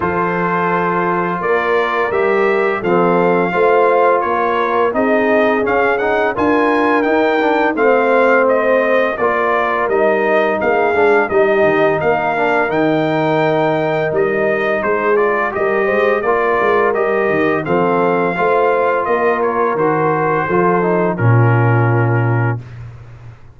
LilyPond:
<<
  \new Staff \with { instrumentName = "trumpet" } { \time 4/4 \tempo 4 = 85 c''2 d''4 e''4 | f''2 cis''4 dis''4 | f''8 fis''8 gis''4 g''4 f''4 | dis''4 d''4 dis''4 f''4 |
dis''4 f''4 g''2 | dis''4 c''8 d''8 dis''4 d''4 | dis''4 f''2 dis''8 cis''8 | c''2 ais'2 | }
  \new Staff \with { instrumentName = "horn" } { \time 4/4 a'2 ais'2 | a'4 c''4 ais'4 gis'4~ | gis'4 ais'2 c''4~ | c''4 ais'2 gis'4 |
g'4 ais'2.~ | ais'4 gis'4 ais'8 c''8 ais'4~ | ais'4 a'4 c''4 ais'4~ | ais'4 a'4 f'2 | }
  \new Staff \with { instrumentName = "trombone" } { \time 4/4 f'2. g'4 | c'4 f'2 dis'4 | cis'8 dis'8 f'4 dis'8 d'8 c'4~ | c'4 f'4 dis'4. d'8 |
dis'4. d'8 dis'2~ | dis'4. f'8 g'4 f'4 | g'4 c'4 f'2 | fis'4 f'8 dis'8 cis'2 | }
  \new Staff \with { instrumentName = "tuba" } { \time 4/4 f2 ais4 g4 | f4 a4 ais4 c'4 | cis'4 d'4 dis'4 a4~ | a4 ais4 g4 ais8 gis8 |
g8 dis8 ais4 dis2 | g4 gis4 g8 gis8 ais8 gis8 | g8 dis8 f4 a4 ais4 | dis4 f4 ais,2 | }
>>